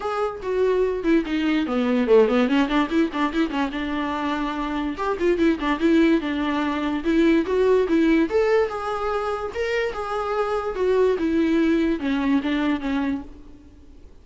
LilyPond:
\new Staff \with { instrumentName = "viola" } { \time 4/4 \tempo 4 = 145 gis'4 fis'4. e'8 dis'4 | b4 a8 b8 cis'8 d'8 e'8 d'8 | e'8 cis'8 d'2. | g'8 f'8 e'8 d'8 e'4 d'4~ |
d'4 e'4 fis'4 e'4 | a'4 gis'2 ais'4 | gis'2 fis'4 e'4~ | e'4 cis'4 d'4 cis'4 | }